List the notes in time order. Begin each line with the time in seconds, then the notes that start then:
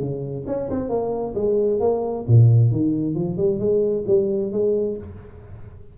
0.00 C#3
0.47 C#4
0.70 C4
0.89 A#3
1.35 G#3
1.80 A#3
2.28 A#2
2.71 D#3
3.15 F3
3.37 G3
3.59 G#3
4.07 G3
4.52 G#3